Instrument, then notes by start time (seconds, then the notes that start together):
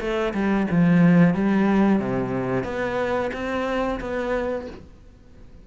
cello
0.00 A3
0.34 G3
0.71 F3
1.34 G3
2.00 C3
2.64 B3
3.33 C4
4.00 B3